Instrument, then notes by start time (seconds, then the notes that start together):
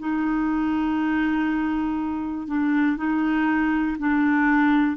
clarinet
0.00 D#4
2.48 D4
2.98 D#4
3.99 D4